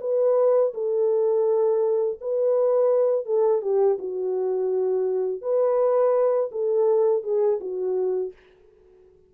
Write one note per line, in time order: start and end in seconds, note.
0.00 0.72 B4
0.74 2.19 A4
2.20 3.25 B4
3.25 3.61 A4
3.61 3.97 G4
3.98 5.42 F#4
5.42 6.50 B4
6.51 7.23 A4
7.23 7.59 G#4
7.60 8.32 F#4